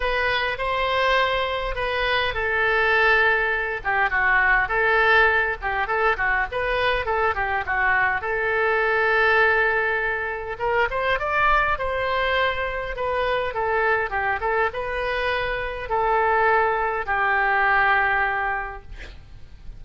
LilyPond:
\new Staff \with { instrumentName = "oboe" } { \time 4/4 \tempo 4 = 102 b'4 c''2 b'4 | a'2~ a'8 g'8 fis'4 | a'4. g'8 a'8 fis'8 b'4 | a'8 g'8 fis'4 a'2~ |
a'2 ais'8 c''8 d''4 | c''2 b'4 a'4 | g'8 a'8 b'2 a'4~ | a'4 g'2. | }